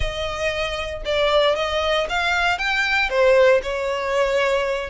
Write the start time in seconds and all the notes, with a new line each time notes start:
0.00 D#5
1.05 D5
1.55 D#5
2.09 F5
2.58 G5
3.09 C5
3.63 C#5